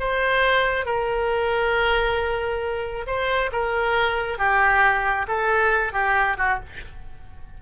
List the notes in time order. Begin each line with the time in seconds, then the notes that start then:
0.00 C5
0.86 A#4
3.07 C5
3.53 A#4
4.39 G4
5.28 A4
5.93 G4
6.38 F#4